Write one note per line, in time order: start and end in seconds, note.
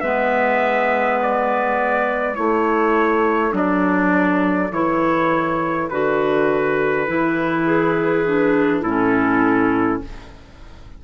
0.00 2.37 G#3
0.00 2.35 B3
0.00 2.36 B4
0.00 1.18 E5
1.22 2.35 D5
2.35 3.52 A3
2.35 3.51 E4
2.35 7.65 A4
2.35 3.52 C#5
3.51 4.70 F#3
3.51 4.69 D4
3.51 4.72 D5
4.71 5.88 E3
4.71 5.90 E4
4.71 5.89 C#5
5.89 7.08 D3
5.89 7.07 F#4
5.89 8.82 B4
7.07 8.82 E3
7.07 8.25 E4
7.65 8.81 G#4
8.25 8.84 D4
8.81 10.00 A2
8.81 10.04 C#4
8.81 9.99 E4
8.81 10.00 A4